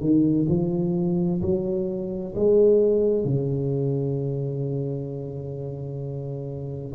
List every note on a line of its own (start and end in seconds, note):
0.00 0.46 D#3
0.49 1.41 F3
1.41 2.34 F#3
2.35 3.24 G#3
3.24 6.94 C#3